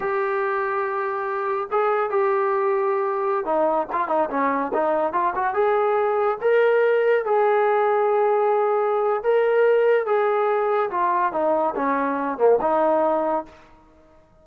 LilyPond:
\new Staff \with { instrumentName = "trombone" } { \time 4/4 \tempo 4 = 143 g'1 | gis'4 g'2.~ | g'16 dis'4 f'8 dis'8 cis'4 dis'8.~ | dis'16 f'8 fis'8 gis'2 ais'8.~ |
ais'4~ ais'16 gis'2~ gis'8.~ | gis'2 ais'2 | gis'2 f'4 dis'4 | cis'4. ais8 dis'2 | }